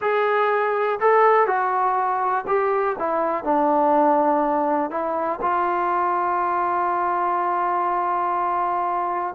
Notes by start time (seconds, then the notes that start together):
0.01 G#4
0.99 A4
1.46 F#4
2.47 G4
2.98 E4
3.44 D4
4.90 E4
5.41 F4